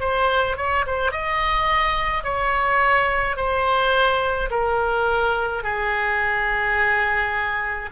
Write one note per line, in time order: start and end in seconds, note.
0.00 0.57 C5
0.57 0.85 C#5
0.86 1.12 C5
1.12 2.23 D#5
2.23 3.36 C#5
3.36 4.49 C5
4.50 5.63 A#4
5.63 7.89 G#4